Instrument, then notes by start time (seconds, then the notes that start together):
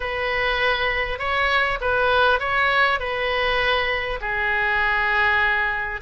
oboe
0.00 B4
1.18 C#5
1.80 B4
2.39 C#5
2.99 B4
4.21 G#4